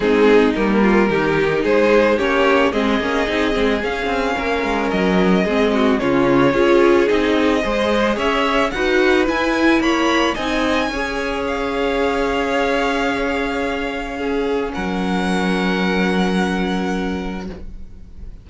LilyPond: <<
  \new Staff \with { instrumentName = "violin" } { \time 4/4 \tempo 4 = 110 gis'4 ais'2 c''4 | cis''4 dis''2 f''4~ | f''4 dis''2 cis''4~ | cis''4 dis''2 e''4 |
fis''4 gis''4 b''4 gis''4~ | gis''4 f''2.~ | f''2. fis''4~ | fis''1 | }
  \new Staff \with { instrumentName = "violin" } { \time 4/4 dis'4. f'8 g'4 gis'4 | g'4 gis'2. | ais'2 gis'8 fis'8 f'4 | gis'2 c''4 cis''4 |
b'2 cis''4 dis''4 | cis''1~ | cis''2 gis'4 ais'4~ | ais'1 | }
  \new Staff \with { instrumentName = "viola" } { \time 4/4 c'4 ais4 dis'2 | cis'4 c'8 cis'8 dis'8 c'8 cis'4~ | cis'2 c'4 cis'4 | f'4 dis'4 gis'2 |
fis'4 e'2 dis'4 | gis'1~ | gis'2 cis'2~ | cis'1 | }
  \new Staff \with { instrumentName = "cello" } { \time 4/4 gis4 g4 dis4 gis4 | ais4 gis8 ais8 c'8 gis8 cis'8 c'8 | ais8 gis8 fis4 gis4 cis4 | cis'4 c'4 gis4 cis'4 |
dis'4 e'4 ais4 c'4 | cis'1~ | cis'2. fis4~ | fis1 | }
>>